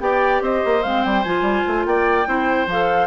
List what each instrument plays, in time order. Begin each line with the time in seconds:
0.00 bassoon B3, clarinet G4, oboe D5, flute G5
0.41 bassoon C4, oboe C5, flute D#5
0.65 bassoon A#3
0.83 bassoon G#3, clarinet C4, flute F5
1.03 bassoon G3, flute G5
1.24 bassoon F3, clarinet F4, flute G#5
1.42 bassoon G3
1.67 bassoon A3
1.86 bassoon A#3, oboe D5, flute G5
2.26 bassoon C4, clarinet E4, oboe C5
2.66 bassoon F3, clarinet A4, flute F5